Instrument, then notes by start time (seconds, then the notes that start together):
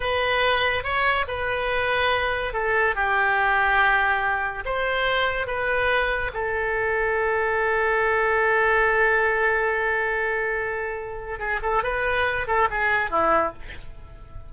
oboe
0.00 B4
0.83 C#5
1.27 B4
2.53 A4
2.95 G4
4.65 C5
5.46 B4
6.33 A4
11.39 G#4
11.62 A4
11.83 B4
12.47 A4
12.70 G#4
13.10 E4